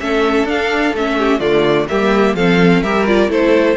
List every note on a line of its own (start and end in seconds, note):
0.00 0.44 A3
0.00 0.47 C#4
0.00 1.18 A4
0.00 0.48 E5
0.44 0.92 D4
0.44 0.95 D4
0.44 0.96 F5
0.94 1.40 A3
0.94 1.40 C#4
0.94 1.40 E5
1.18 1.40 G4
1.40 1.87 D3
1.40 1.87 A3
1.40 1.87 F4
1.40 1.87 D5
1.89 2.34 G3
1.89 2.37 A#3
1.89 2.37 G4
1.89 2.36 E5
2.34 2.82 F3
2.34 2.84 C4
2.34 2.83 A4
2.34 2.83 F5
2.83 3.29 G3
2.83 3.07 G4
2.83 3.30 A#4
2.83 3.06 E5
3.07 3.28 F4
3.07 3.31 D5
3.28 3.76 A3
3.28 3.76 E4
3.28 3.77 A4
3.28 3.77 C5